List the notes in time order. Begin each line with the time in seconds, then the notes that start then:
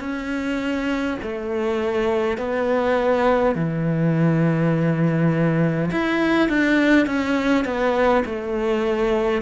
0.00 C#4
1.22 A3
2.37 B3
3.55 E3
5.91 E4
6.49 D4
7.06 C#4
7.65 B3
8.25 A3